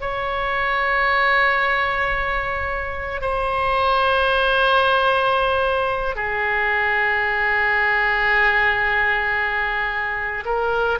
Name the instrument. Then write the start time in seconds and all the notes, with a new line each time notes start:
oboe
0.00 C#5
3.20 C5
6.15 G#4
10.45 A#4